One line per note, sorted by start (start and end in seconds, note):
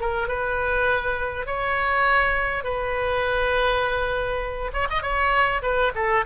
0.00 0.28 A#4
0.28 1.46 B4
1.46 2.64 C#5
2.64 4.71 B4
4.73 4.88 C#5
4.90 5.02 D#5
5.02 5.62 C#5
5.62 5.92 B4
5.95 6.25 A4